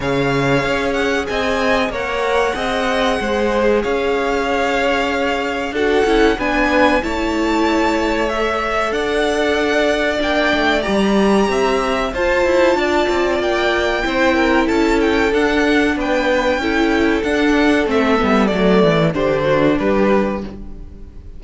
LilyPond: <<
  \new Staff \with { instrumentName = "violin" } { \time 4/4 \tempo 4 = 94 f''4. fis''8 gis''4 fis''4~ | fis''2 f''2~ | f''4 fis''4 gis''4 a''4~ | a''4 e''4 fis''2 |
g''4 ais''2 a''4~ | a''4 g''2 a''8 g''8 | fis''4 g''2 fis''4 | e''4 d''4 c''4 b'4 | }
  \new Staff \with { instrumentName = "violin" } { \time 4/4 cis''2 dis''4 cis''4 | dis''4 c''4 cis''2~ | cis''4 a'4 b'4 cis''4~ | cis''2 d''2~ |
d''2 e''4 c''4 | d''2 c''8 ais'8 a'4~ | a'4 b'4 a'2~ | a'2 g'8 fis'8 g'4 | }
  \new Staff \with { instrumentName = "viola" } { \time 4/4 gis'2. ais'4 | gis'1~ | gis'4 fis'8 e'8 d'4 e'4~ | e'4 a'2. |
d'4 g'2 f'4~ | f'2 e'2 | d'2 e'4 d'4 | c'8 b8 a4 d'2 | }
  \new Staff \with { instrumentName = "cello" } { \time 4/4 cis4 cis'4 c'4 ais4 | c'4 gis4 cis'2~ | cis'4 d'8 cis'8 b4 a4~ | a2 d'2 |
ais8 a8 g4 c'4 f'8 e'8 | d'8 c'8 ais4 c'4 cis'4 | d'4 b4 cis'4 d'4 | a8 g8 fis8 e8 d4 g4 | }
>>